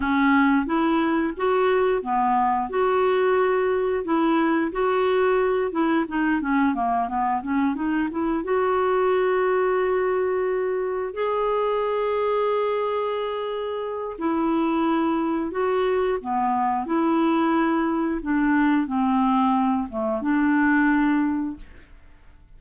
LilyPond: \new Staff \with { instrumentName = "clarinet" } { \time 4/4 \tempo 4 = 89 cis'4 e'4 fis'4 b4 | fis'2 e'4 fis'4~ | fis'8 e'8 dis'8 cis'8 ais8 b8 cis'8 dis'8 | e'8 fis'2.~ fis'8~ |
fis'8 gis'2.~ gis'8~ | gis'4 e'2 fis'4 | b4 e'2 d'4 | c'4. a8 d'2 | }